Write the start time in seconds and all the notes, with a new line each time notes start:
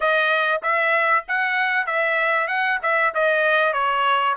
0.00 D#5
0.62 E5
1.28 F#5
1.86 E5
2.47 F#5
2.82 E5
3.14 D#5
3.73 C#5